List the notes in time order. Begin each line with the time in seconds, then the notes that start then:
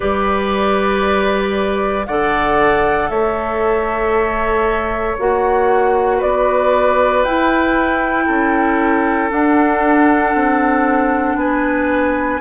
0.00 G3 G4 B4 D5
2.06 D3 A4 D5 F#5
3.09 A3 C#5 E5
5.19 A#3 F#4 F#5
6.17 B3 B4 D5
7.23 E4 G5
8.26 C#4 A4
9.28 D4 F#5
10.34 C4
11.35 B3 B4 G#5